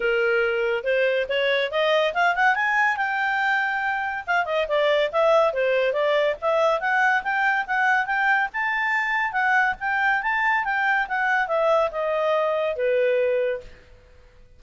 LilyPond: \new Staff \with { instrumentName = "clarinet" } { \time 4/4 \tempo 4 = 141 ais'2 c''4 cis''4 | dis''4 f''8 fis''8 gis''4 g''4~ | g''2 f''8 dis''8 d''4 | e''4 c''4 d''4 e''4 |
fis''4 g''4 fis''4 g''4 | a''2 fis''4 g''4 | a''4 g''4 fis''4 e''4 | dis''2 b'2 | }